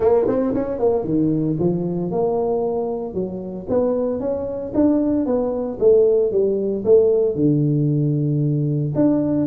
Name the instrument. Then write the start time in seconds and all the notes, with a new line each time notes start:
tuba
0.00 A#3
0.27 C4
0.54 C#4
0.79 A#3
1.04 D#3
1.59 F3
2.11 A#3
3.14 F#3
3.69 B3
4.19 C#4
4.74 D4
5.26 B3
5.79 A3
6.31 G3
6.84 A3
7.35 D3
8.95 D4